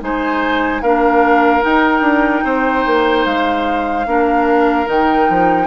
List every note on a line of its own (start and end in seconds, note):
0.00 0.81 G#3
0.00 0.81 D#4
0.00 0.82 C5
0.00 0.81 G#5
0.81 1.62 A#3
0.81 1.61 D4
0.81 2.44 A#4
0.81 1.62 F5
1.61 4.04 D#4
1.61 2.01 D#4
1.61 3.25 G5
2.01 2.41 D4
2.44 2.85 C4
2.44 4.06 C5
2.85 3.25 A#3
3.25 4.06 G#3
3.25 4.87 F5
4.06 4.87 A#3
4.06 4.85 D4
4.06 5.67 A#4
4.85 5.28 D#3
4.85 5.67 D#4
4.85 5.67 G5
5.29 5.67 F3